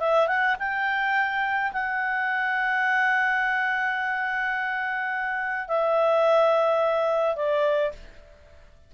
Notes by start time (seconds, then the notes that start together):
0.00 E5
0.28 F#5
0.59 G5
1.73 F#5
5.68 E5
7.36 D5